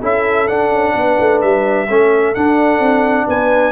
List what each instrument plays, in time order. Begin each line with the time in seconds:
0.00 tuba C#4, trombone E4, horn A4, trumpet E5
0.47 trombone D4, tuba D4, trumpet F#5
0.71 tuba C#4
0.95 tuba B3, horn B4
1.20 tuba A3
1.41 tuba G3, trumpet E5
1.88 tuba A3, trombone C#4, horn A4
2.34 trombone D4, tuba D4, trumpet F#5
2.79 tuba C4
3.26 tuba B3, horn B4, trumpet G#5